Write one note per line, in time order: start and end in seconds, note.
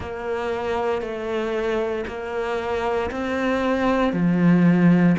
0.00 1.01 A#3
1.01 2.05 A3
2.07 3.10 A#3
3.10 4.12 C4
4.12 5.16 F3